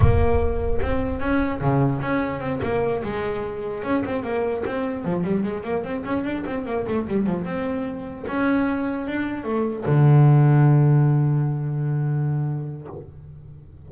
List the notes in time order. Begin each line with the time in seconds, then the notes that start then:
0.00 A#3
0.82 C4
1.20 C#4
1.60 C#3
2.01 C#4
2.40 C4
2.62 A#3
3.03 G#3
3.83 C#4
4.04 C4
4.23 A#3
4.65 C4
5.04 F3
5.24 G3
5.43 G#3
5.63 A#3
5.83 C4
6.04 C#4
6.23 D4
6.45 C4
6.65 A#3
6.87 A3
7.07 G3
7.26 F3
7.44 C4
8.27 C#4
9.07 D4
9.44 A3
9.85 D3